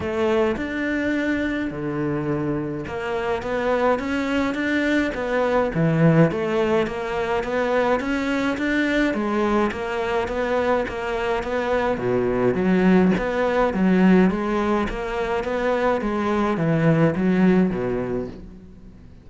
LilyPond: \new Staff \with { instrumentName = "cello" } { \time 4/4 \tempo 4 = 105 a4 d'2 d4~ | d4 ais4 b4 cis'4 | d'4 b4 e4 a4 | ais4 b4 cis'4 d'4 |
gis4 ais4 b4 ais4 | b4 b,4 fis4 b4 | fis4 gis4 ais4 b4 | gis4 e4 fis4 b,4 | }